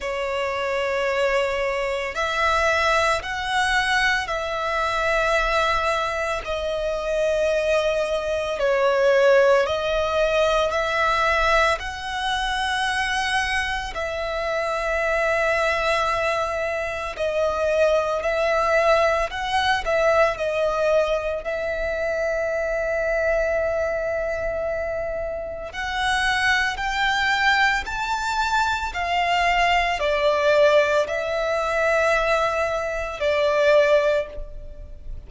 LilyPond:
\new Staff \with { instrumentName = "violin" } { \time 4/4 \tempo 4 = 56 cis''2 e''4 fis''4 | e''2 dis''2 | cis''4 dis''4 e''4 fis''4~ | fis''4 e''2. |
dis''4 e''4 fis''8 e''8 dis''4 | e''1 | fis''4 g''4 a''4 f''4 | d''4 e''2 d''4 | }